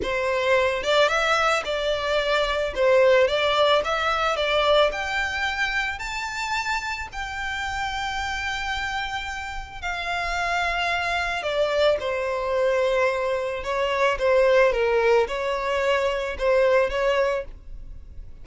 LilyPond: \new Staff \with { instrumentName = "violin" } { \time 4/4 \tempo 4 = 110 c''4. d''8 e''4 d''4~ | d''4 c''4 d''4 e''4 | d''4 g''2 a''4~ | a''4 g''2.~ |
g''2 f''2~ | f''4 d''4 c''2~ | c''4 cis''4 c''4 ais'4 | cis''2 c''4 cis''4 | }